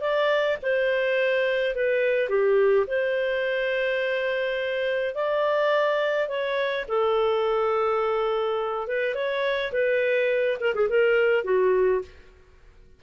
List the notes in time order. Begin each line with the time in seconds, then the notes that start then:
0.00 D5
0.62 C5
1.75 B4
2.29 G4
2.86 C5
5.14 D5
6.28 C#5
6.88 A4
8.87 B4
9.14 C#5
9.72 B4
10.60 A#4
10.74 G#4
10.89 A#4
11.44 F#4